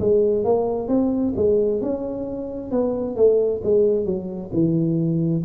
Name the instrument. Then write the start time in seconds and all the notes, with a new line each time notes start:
tuba
0.00 G#3
0.44 A#3
0.88 C4
1.36 G#3
1.81 C#4
2.71 B3
3.16 A3
3.64 G#3
4.05 F#3
4.53 E3